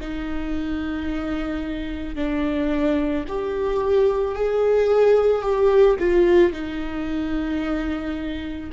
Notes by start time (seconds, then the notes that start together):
0.00 D#4
2.15 D4
3.28 G4
4.34 G#4
5.41 G4
5.99 F4
6.52 D#4